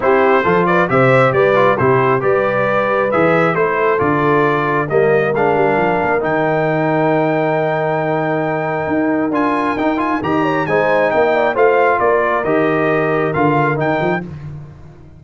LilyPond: <<
  \new Staff \with { instrumentName = "trumpet" } { \time 4/4 \tempo 4 = 135 c''4. d''8 e''4 d''4 | c''4 d''2 e''4 | c''4 d''2 dis''4 | f''2 g''2~ |
g''1~ | g''4 gis''4 g''8 gis''8 ais''4 | gis''4 g''4 f''4 d''4 | dis''2 f''4 g''4 | }
  \new Staff \with { instrumentName = "horn" } { \time 4/4 g'4 a'8 b'8 c''4 b'4 | g'4 b'2. | a'2. ais'4~ | ais'1~ |
ais'1~ | ais'2. dis''8 cis''8 | c''4 dis''8 d''8 c''4 ais'4~ | ais'1 | }
  \new Staff \with { instrumentName = "trombone" } { \time 4/4 e'4 f'4 g'4. f'8 | e'4 g'2 gis'4 | e'4 f'2 ais4 | d'2 dis'2~ |
dis'1~ | dis'4 f'4 dis'8 f'8 g'4 | dis'2 f'2 | g'2 f'4 dis'4 | }
  \new Staff \with { instrumentName = "tuba" } { \time 4/4 c'4 f4 c4 g4 | c4 g2 e4 | a4 d2 g4 | gis8 g8 f8 ais8 dis2~ |
dis1 | dis'4 d'4 dis'4 dis4 | gis4 ais4 a4 ais4 | dis2 d4 dis8 f8 | }
>>